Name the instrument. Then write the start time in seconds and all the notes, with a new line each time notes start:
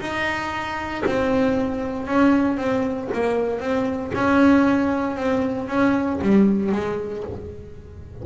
double bass
0.00 D#4
1.05 C4
2.07 C#4
2.57 C4
3.13 A#3
3.60 C4
4.14 C#4
5.16 C4
5.68 C#4
6.21 G3
6.72 G#3